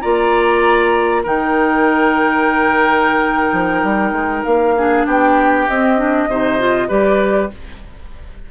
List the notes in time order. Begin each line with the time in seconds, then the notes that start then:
0.00 A#3 F4 D5 A#5
1.22 D#3 D#4 A#4 G5
3.52 F3
3.83 G3
4.11 G#3
4.44 A#3 F5
4.77 D4 G#4
5.06 B3 G4 G5
5.68 C4 D#5
5.97 D4
6.27 C3 D#4 C5
6.59 F4
6.88 G3 G4 B4 D5